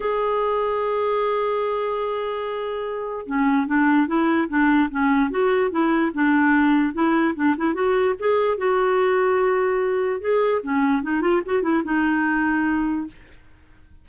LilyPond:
\new Staff \with { instrumentName = "clarinet" } { \time 4/4 \tempo 4 = 147 gis'1~ | gis'1 | cis'4 d'4 e'4 d'4 | cis'4 fis'4 e'4 d'4~ |
d'4 e'4 d'8 e'8 fis'4 | gis'4 fis'2.~ | fis'4 gis'4 cis'4 dis'8 f'8 | fis'8 e'8 dis'2. | }